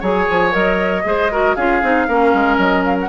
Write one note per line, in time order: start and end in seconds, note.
0.00 0.28 F#3
0.00 0.51 G#4
0.00 1.03 C#5
0.00 0.53 G#5
0.30 0.54 F3
0.51 1.04 F#3
0.51 1.03 A#4
0.51 1.55 D#5
1.04 1.55 G#3
1.04 1.30 G#4
1.04 1.31 C5
1.31 1.57 F#4
1.31 1.55 A#4
1.55 1.82 C#4
1.55 1.82 F4
1.55 2.07 G#4
1.55 2.58 F5
1.82 2.08 C4
1.82 2.08 D#4
2.08 2.33 A#3
2.08 3.09 C#4
2.08 3.09 A#4
2.33 2.57 G#3
2.57 3.09 F#3
2.57 2.84 D#5
2.84 2.97 F5
3.00 3.09 F#5